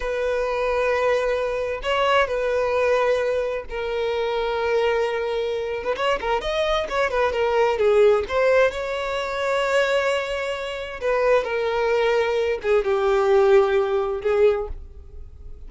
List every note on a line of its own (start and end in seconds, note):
0.00 1.80 B4
1.82 2.27 C#5
2.27 3.65 B4
3.69 5.83 A#4
5.83 5.95 B4
5.96 6.19 C#5
6.20 6.41 A#4
6.41 6.87 D#5
6.89 7.10 C#5
7.10 7.32 B4
7.32 7.78 A#4
7.78 8.24 G#4
8.28 8.71 C5
8.71 11.00 C#5
11.00 11.44 B4
11.44 12.58 A#4
12.62 12.84 G#4
12.84 14.21 G4
14.22 14.68 G#4